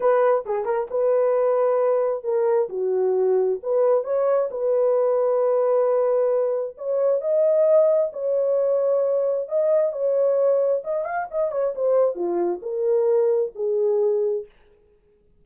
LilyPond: \new Staff \with { instrumentName = "horn" } { \time 4/4 \tempo 4 = 133 b'4 gis'8 ais'8 b'2~ | b'4 ais'4 fis'2 | b'4 cis''4 b'2~ | b'2. cis''4 |
dis''2 cis''2~ | cis''4 dis''4 cis''2 | dis''8 f''8 dis''8 cis''8 c''4 f'4 | ais'2 gis'2 | }